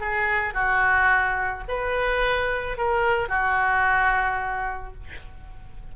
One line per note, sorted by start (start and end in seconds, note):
0.00 0.54 G#4
0.54 1.64 F#4
1.68 2.77 B4
2.77 3.28 A#4
3.28 4.93 F#4